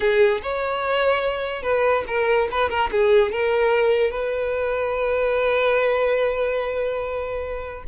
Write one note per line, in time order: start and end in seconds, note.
0.00 0.41 G#4
0.42 1.62 C#5
1.62 2.04 B4
2.07 2.48 A#4
2.51 2.69 B4
2.69 2.90 A#4
2.91 3.32 G#4
3.32 4.10 A#4
4.10 7.83 B4